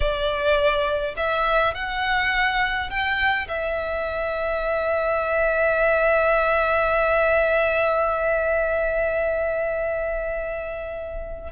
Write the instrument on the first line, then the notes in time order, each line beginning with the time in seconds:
violin
0.00 D5
1.16 E5
1.74 F#5
2.90 G5
3.48 E5